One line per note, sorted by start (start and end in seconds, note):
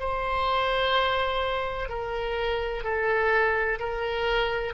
0.00 1.89 C5
1.89 2.84 A#4
2.84 3.79 A4
3.80 4.74 A#4